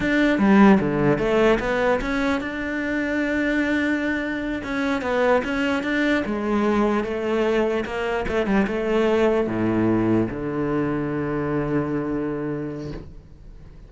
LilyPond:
\new Staff \with { instrumentName = "cello" } { \time 4/4 \tempo 4 = 149 d'4 g4 d4 a4 | b4 cis'4 d'2~ | d'2.~ d'8 cis'8~ | cis'8 b4 cis'4 d'4 gis8~ |
gis4. a2 ais8~ | ais8 a8 g8 a2 a,8~ | a,4. d2~ d8~ | d1 | }